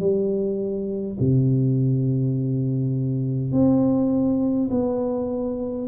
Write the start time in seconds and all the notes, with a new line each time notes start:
0.00 G3
1.20 C3
3.52 C4
4.71 B3